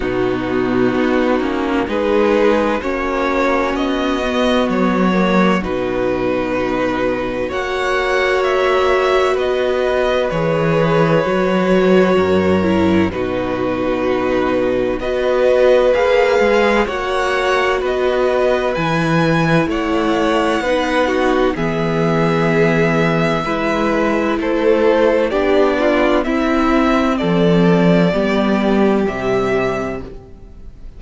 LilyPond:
<<
  \new Staff \with { instrumentName = "violin" } { \time 4/4 \tempo 4 = 64 fis'2 b'4 cis''4 | dis''4 cis''4 b'2 | fis''4 e''4 dis''4 cis''4~ | cis''2 b'2 |
dis''4 f''4 fis''4 dis''4 | gis''4 fis''2 e''4~ | e''2 c''4 d''4 | e''4 d''2 e''4 | }
  \new Staff \with { instrumentName = "violin" } { \time 4/4 dis'2 gis'4 fis'4~ | fis'1 | cis''2 b'2~ | b'4 ais'4 fis'2 |
b'2 cis''4 b'4~ | b'4 cis''4 b'8 fis'8 gis'4~ | gis'4 b'4 a'4 g'8 f'8 | e'4 a'4 g'2 | }
  \new Staff \with { instrumentName = "viola" } { \time 4/4 b4. cis'8 dis'4 cis'4~ | cis'8 b4 ais8 dis'2 | fis'2. gis'4 | fis'4. e'8 dis'2 |
fis'4 gis'4 fis'2 | e'2 dis'4 b4~ | b4 e'2 d'4 | c'2 b4 g4 | }
  \new Staff \with { instrumentName = "cello" } { \time 4/4 b,4 b8 ais8 gis4 ais4 | b4 fis4 b,2 | ais2 b4 e4 | fis4 fis,4 b,2 |
b4 ais8 gis8 ais4 b4 | e4 a4 b4 e4~ | e4 gis4 a4 b4 | c'4 f4 g4 c4 | }
>>